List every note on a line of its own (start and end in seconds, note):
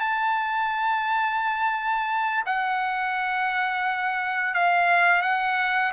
0.00 2.44 A5
2.46 4.54 F#5
4.54 5.22 F5
5.22 5.92 F#5